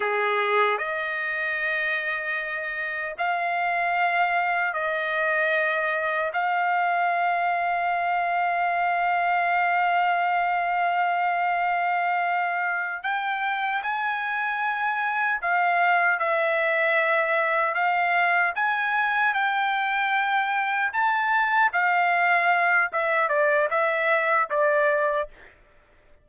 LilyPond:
\new Staff \with { instrumentName = "trumpet" } { \time 4/4 \tempo 4 = 76 gis'4 dis''2. | f''2 dis''2 | f''1~ | f''1~ |
f''8 g''4 gis''2 f''8~ | f''8 e''2 f''4 gis''8~ | gis''8 g''2 a''4 f''8~ | f''4 e''8 d''8 e''4 d''4 | }